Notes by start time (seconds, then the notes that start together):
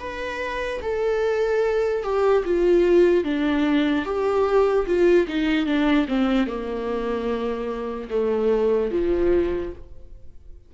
0.00 B4
0.83 A4
2.03 G4
2.45 F4
3.25 D4
4.05 G4
4.87 F4
5.28 D#4
5.66 D4
6.08 C4
6.47 A#3
8.10 A3
8.92 F3